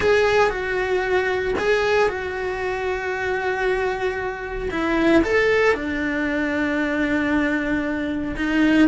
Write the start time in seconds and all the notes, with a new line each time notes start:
0.00 G#4
0.50 F#4
1.58 G#4
2.08 F#4
4.70 E4
5.23 A4
5.74 D4
8.36 D#4